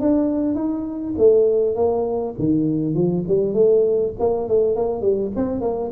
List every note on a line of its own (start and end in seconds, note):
0.00 0.55 D4
0.55 1.14 D#4
1.17 1.75 A3
1.75 2.34 A#3
2.38 2.94 D#3
2.94 3.23 F3
3.28 3.53 G3
3.53 4.12 A3
4.19 4.48 A#3
4.48 4.76 A3
4.76 5.01 A#3
5.01 5.31 G3
5.36 5.61 C4
5.61 5.90 A#3